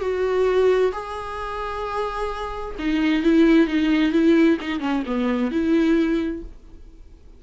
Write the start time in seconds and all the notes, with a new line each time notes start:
0.00 F#4
0.92 G#4
2.78 D#4
3.22 E4
3.67 D#4
4.11 E4
4.60 D#4
4.80 C#4
5.05 B3
5.51 E4